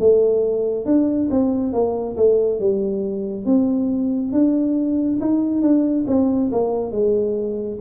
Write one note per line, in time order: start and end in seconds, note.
0.00 0.86 A3
0.86 1.29 D4
1.31 1.73 C4
1.73 2.17 A#3
2.17 2.60 A3
2.60 3.46 G3
3.46 4.33 C4
4.33 5.20 D4
5.21 5.62 D#4
5.62 6.06 D4
6.08 6.51 C4
6.52 6.92 A#3
6.92 7.79 G#3